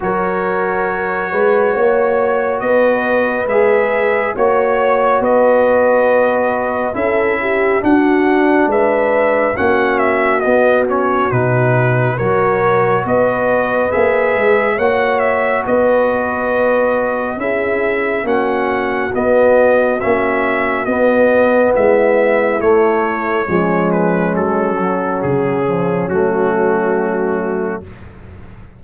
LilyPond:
<<
  \new Staff \with { instrumentName = "trumpet" } { \time 4/4 \tempo 4 = 69 cis''2. dis''4 | e''4 cis''4 dis''2 | e''4 fis''4 e''4 fis''8 e''8 | dis''8 cis''8 b'4 cis''4 dis''4 |
e''4 fis''8 e''8 dis''2 | e''4 fis''4 dis''4 e''4 | dis''4 e''4 cis''4. b'8 | a'4 gis'4 fis'2 | }
  \new Staff \with { instrumentName = "horn" } { \time 4/4 ais'4. b'8 cis''4 b'4~ | b'4 cis''4 b'2 | a'8 g'8 fis'4 b'4 fis'4~ | fis'2 ais'4 b'4~ |
b'4 cis''4 b'2 | gis'4 fis'2.~ | fis'4 e'2 cis'4~ | cis'1 | }
  \new Staff \with { instrumentName = "trombone" } { \time 4/4 fis'1 | gis'4 fis'2. | e'4 d'2 cis'4 | b8 cis'8 dis'4 fis'2 |
gis'4 fis'2. | e'4 cis'4 b4 cis'4 | b2 a4 gis4~ | gis8 fis4 f8 a2 | }
  \new Staff \with { instrumentName = "tuba" } { \time 4/4 fis4. gis8 ais4 b4 | gis4 ais4 b2 | cis'4 d'4 gis4 ais4 | b4 b,4 fis4 b4 |
ais8 gis8 ais4 b2 | cis'4 ais4 b4 ais4 | b4 gis4 a4 f4 | fis4 cis4 fis2 | }
>>